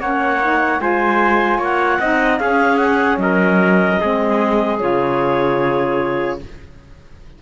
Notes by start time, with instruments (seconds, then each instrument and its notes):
0.00 cello A#3, saxophone C#4, trumpet C#5, clarinet F#5
0.42 saxophone D#4
0.79 cello G#3, saxophone F4, trumpet C5, clarinet G#5
1.57 cello A#3, trumpet C#5, clarinet F#5
2.00 cello C4, saxophone D#4, trumpet D#5
2.38 saxophone C#4, cello C#4, trumpet G#4, clarinet F5
2.77 clarinet F#5
3.17 cello F#3, trumpet A#4, clarinet D#5
4.00 cello G#3, saxophone C4, trumpet G#4
4.79 cello C#3, saxophone F4, clarinet C#5